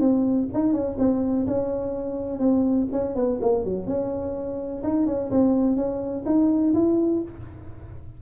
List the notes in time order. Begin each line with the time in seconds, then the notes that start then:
0.00 C4
0.53 D#4
0.73 C#4
0.98 C4
1.47 C#4
2.39 C4
2.92 C#4
3.15 B3
3.41 A#3
3.64 F#3
3.87 C#4
4.83 D#4
5.06 C#4
5.31 C4
5.76 C#4
6.26 D#4
6.74 E4